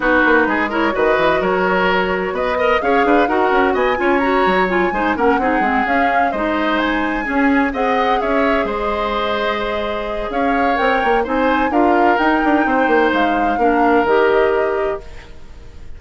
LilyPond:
<<
  \new Staff \with { instrumentName = "flute" } { \time 4/4 \tempo 4 = 128 b'4. cis''8 dis''4 cis''4~ | cis''4 dis''4 f''4 fis''4 | gis''4 ais''4 gis''4 fis''4~ | fis''8 f''4 dis''4 gis''4.~ |
gis''8 fis''4 e''4 dis''4.~ | dis''2 f''4 g''4 | gis''4 f''4 g''2 | f''2 dis''2 | }
  \new Staff \with { instrumentName = "oboe" } { \time 4/4 fis'4 gis'8 ais'8 b'4 ais'4~ | ais'4 b'8 dis''8 cis''8 b'8 ais'4 | dis''8 cis''2 c''8 ais'8 gis'8~ | gis'4. c''2 gis'8~ |
gis'8 dis''4 cis''4 c''4.~ | c''2 cis''2 | c''4 ais'2 c''4~ | c''4 ais'2. | }
  \new Staff \with { instrumentName = "clarinet" } { \time 4/4 dis'4. e'8 fis'2~ | fis'4. ais'8 gis'4 fis'4~ | fis'8 f'8 fis'4 f'8 dis'8 cis'8 dis'8 | c'8 cis'4 dis'2 cis'8~ |
cis'8 gis'2.~ gis'8~ | gis'2. ais'4 | dis'4 f'4 dis'2~ | dis'4 d'4 g'2 | }
  \new Staff \with { instrumentName = "bassoon" } { \time 4/4 b8 ais8 gis4 dis8 e8 fis4~ | fis4 b4 cis'8 d'8 dis'8 cis'8 | b8 cis'4 fis4 gis8 ais8 c'8 | gis8 cis'4 gis2 cis'8~ |
cis'8 c'4 cis'4 gis4.~ | gis2 cis'4 c'8 ais8 | c'4 d'4 dis'8 d'8 c'8 ais8 | gis4 ais4 dis2 | }
>>